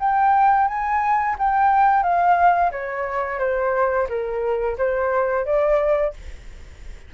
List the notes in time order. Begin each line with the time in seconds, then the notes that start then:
0.00 G5
0.68 G#5
1.39 G5
2.03 F5
2.72 C#5
3.39 C5
4.09 A#4
4.78 C5
5.46 D5